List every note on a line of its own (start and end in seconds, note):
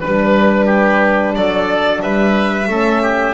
0.00 1.36 G3
0.00 2.68 D4
0.00 0.66 B4
0.00 1.35 B4
0.66 1.32 G4
1.35 2.02 F#3
1.35 2.02 A4
1.35 2.01 D5
2.01 2.68 G3
2.01 2.69 B4
2.01 3.34 E5
2.68 3.34 A3
2.68 3.34 C#4
2.68 3.02 A4
3.02 3.34 G4